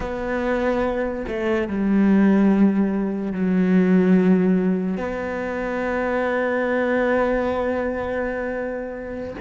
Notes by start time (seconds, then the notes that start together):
0.00 B3
1.27 A3
1.67 G3
3.32 F#3
4.97 B3